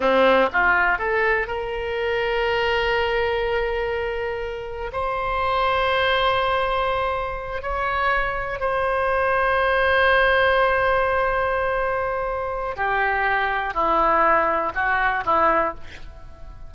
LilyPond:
\new Staff \with { instrumentName = "oboe" } { \time 4/4 \tempo 4 = 122 c'4 f'4 a'4 ais'4~ | ais'1~ | ais'2 c''2~ | c''2.~ c''8 cis''8~ |
cis''4. c''2~ c''8~ | c''1~ | c''2 g'2 | e'2 fis'4 e'4 | }